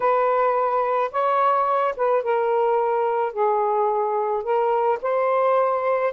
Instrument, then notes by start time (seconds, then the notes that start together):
saxophone
0.00 B4
1.11 C#5
1.96 B4
2.23 A#4
3.32 G#4
4.43 A#4
5.02 C5